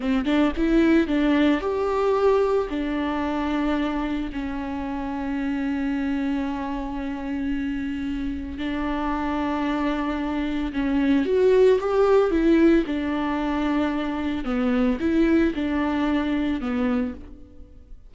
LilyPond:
\new Staff \with { instrumentName = "viola" } { \time 4/4 \tempo 4 = 112 c'8 d'8 e'4 d'4 g'4~ | g'4 d'2. | cis'1~ | cis'1 |
d'1 | cis'4 fis'4 g'4 e'4 | d'2. b4 | e'4 d'2 b4 | }